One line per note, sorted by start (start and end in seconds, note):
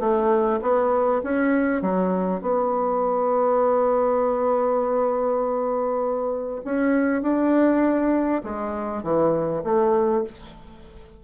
0.00 0.60 A3
0.62 1.22 B3
1.24 1.82 C#4
1.82 2.42 F#3
2.42 6.62 B3
6.65 7.22 C#4
7.22 8.42 D4
8.44 9.03 G#3
9.03 9.63 E3
9.64 10.24 A3